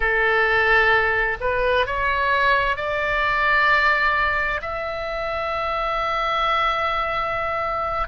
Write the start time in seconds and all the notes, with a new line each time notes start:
0.00 A4
1.40 B4
1.86 C#5
2.76 D5
4.62 E5